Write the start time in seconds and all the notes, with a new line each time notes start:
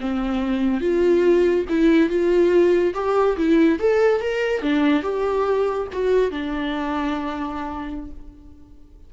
0.00 C4
0.81 F4
1.69 E4
2.09 F4
2.94 G4
3.37 E4
3.79 A4
4.21 A#4
4.62 D4
5.03 G4
5.93 F#4
6.31 D4